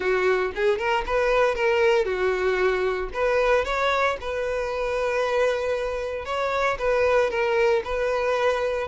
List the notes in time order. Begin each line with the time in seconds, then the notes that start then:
0.00 F#4
0.55 G#4
0.78 A#4
1.06 B4
1.55 A#4
2.05 F#4
3.13 B4
3.64 C#5
4.20 B4
6.25 C#5
6.78 B4
7.30 A#4
7.84 B4